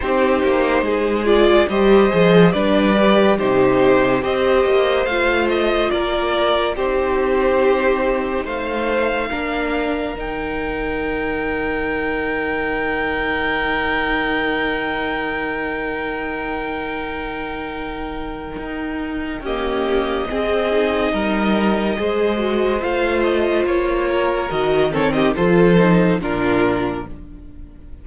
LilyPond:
<<
  \new Staff \with { instrumentName = "violin" } { \time 4/4 \tempo 4 = 71 c''4. d''8 dis''4 d''4 | c''4 dis''4 f''8 dis''8 d''4 | c''2 f''2 | g''1~ |
g''1~ | g''2. dis''4~ | dis''2. f''8 dis''8 | cis''4 dis''8 cis''16 dis''16 c''4 ais'4 | }
  \new Staff \with { instrumentName = "violin" } { \time 4/4 g'4 gis'4 c''4 b'4 | g'4 c''2 ais'4 | g'2 c''4 ais'4~ | ais'1~ |
ais'1~ | ais'2. g'4 | gis'4 ais'4 c''2~ | c''8 ais'4 a'16 g'16 a'4 f'4 | }
  \new Staff \with { instrumentName = "viola" } { \time 4/4 dis'4. f'8 g'8 gis'8 d'8 g'8 | dis'4 g'4 f'2 | dis'2. d'4 | dis'1~ |
dis'1~ | dis'2. ais4 | c'8 dis'4. gis'8 fis'8 f'4~ | f'4 fis'8 c'8 f'8 dis'8 d'4 | }
  \new Staff \with { instrumentName = "cello" } { \time 4/4 c'8 ais8 gis4 g8 f8 g4 | c4 c'8 ais8 a4 ais4 | c'2 a4 ais4 | dis1~ |
dis1~ | dis2 dis'4 cis'4 | c'4 g4 gis4 a4 | ais4 dis4 f4 ais,4 | }
>>